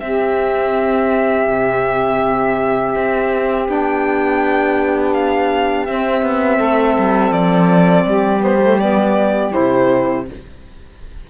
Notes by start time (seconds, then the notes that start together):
0.00 C4 G4 E5
1.49 C3
2.96 C4
3.67 B3 D4 G5
5.14 F5
5.86 C4 E5
6.23 B3
6.58 A3 A4
6.98 G3
7.32 F3 D5
8.06 G3 G4
8.40 B3 C5
8.62 A3
8.80 B3 D5
9.52 C3 E4 C5